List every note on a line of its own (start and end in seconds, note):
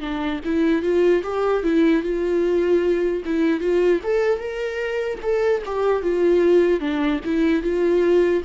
0.00 0.40 D4
0.45 0.83 E4
0.83 1.23 F4
1.23 1.63 G4
1.63 2.03 E4
2.03 3.23 F4
3.25 3.61 E4
3.61 4.01 F4
4.04 4.39 A4
4.39 5.19 A#4
5.23 5.63 A4
5.66 6.03 G4
6.03 6.80 F4
6.80 7.20 D4
7.25 7.63 E4
7.63 8.43 F4